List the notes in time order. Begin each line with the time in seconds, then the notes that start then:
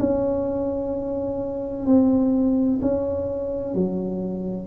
0.00 C#4
1.87 C4
2.82 C#4
3.75 F#3